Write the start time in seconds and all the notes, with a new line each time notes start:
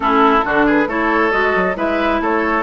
0.00 A3 C#4 E4 A4
0.44 D3 D4 F#4
0.66 G#4 B4
0.87 A3 E4 A4 C#5
1.31 G#3 F#4 D#5
1.55 F#3
1.75 G#3 E4 B4 E5
2.20 A3 A4 C#5